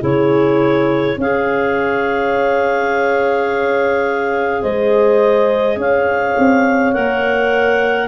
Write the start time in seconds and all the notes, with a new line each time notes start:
0.00 C#3 E4 G#4 C#5
1.17 C#4 G#4 C#5 F5
4.62 G#3 C5 D#5
5.76 C#4 C#5 F5
6.37 C4
6.92 A#3 A#4 F#5